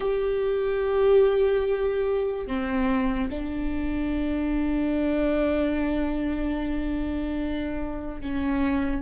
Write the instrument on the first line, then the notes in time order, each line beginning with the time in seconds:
viola
0.00 G4
2.47 C4
3.30 D4
8.20 C#4